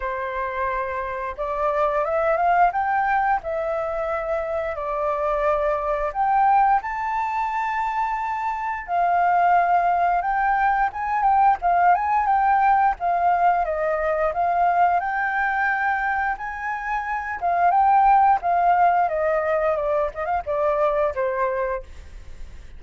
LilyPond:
\new Staff \with { instrumentName = "flute" } { \time 4/4 \tempo 4 = 88 c''2 d''4 e''8 f''8 | g''4 e''2 d''4~ | d''4 g''4 a''2~ | a''4 f''2 g''4 |
gis''8 g''8 f''8 gis''8 g''4 f''4 | dis''4 f''4 g''2 | gis''4. f''8 g''4 f''4 | dis''4 d''8 dis''16 f''16 d''4 c''4 | }